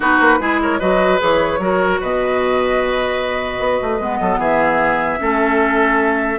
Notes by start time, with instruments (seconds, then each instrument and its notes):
0.00 bassoon B3, clarinet D#4, oboe F#4, flute B4
0.20 bassoon A#3
0.39 bassoon G#3, clarinet E4, oboe G#4
0.62 oboe A#4, flute C#5
0.79 bassoon F#3, clarinet F#4, oboe B4, flute D#5
1.18 bassoon E3, clarinet G#4, flute C#5
1.59 bassoon F#3, clarinet F#4, oboe A#4
2.00 bassoon B2, oboe B4, flute D#5
3.58 bassoon B3
3.81 bassoon A3
3.99 bassoon G#3, clarinet B3
4.20 bassoon F#3, oboe A4
4.38 bassoon E3, oboe G#4, flute E5
5.19 bassoon A3, clarinet C#4, oboe A4